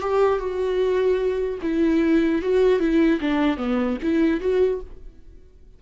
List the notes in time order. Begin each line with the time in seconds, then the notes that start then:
0.00 G4
0.39 F#4
1.62 E4
2.42 F#4
2.79 E4
3.20 D4
3.57 B3
4.02 E4
4.40 F#4